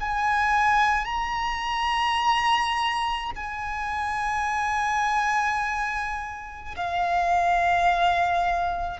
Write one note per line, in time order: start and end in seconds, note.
0.00 1.05 G#5
1.05 3.31 A#5
3.35 6.75 G#5
6.76 9.00 F5